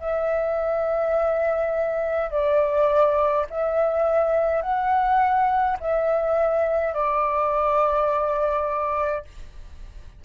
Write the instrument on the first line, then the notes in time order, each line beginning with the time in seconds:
flute
0.00 E5
2.30 D5
3.50 E5
4.62 F#5
5.80 E5
6.94 D5